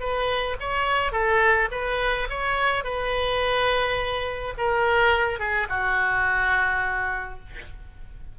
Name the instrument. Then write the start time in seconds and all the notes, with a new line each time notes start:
oboe
0.00 B4
0.60 C#5
1.12 A4
1.72 B4
2.30 C#5
2.84 B4
4.58 A#4
5.39 G#4
5.69 F#4